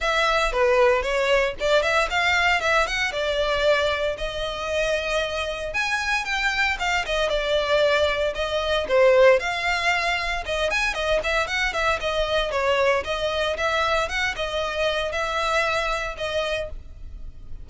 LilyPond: \new Staff \with { instrumentName = "violin" } { \time 4/4 \tempo 4 = 115 e''4 b'4 cis''4 d''8 e''8 | f''4 e''8 fis''8 d''2 | dis''2. gis''4 | g''4 f''8 dis''8 d''2 |
dis''4 c''4 f''2 | dis''8 gis''8 dis''8 e''8 fis''8 e''8 dis''4 | cis''4 dis''4 e''4 fis''8 dis''8~ | dis''4 e''2 dis''4 | }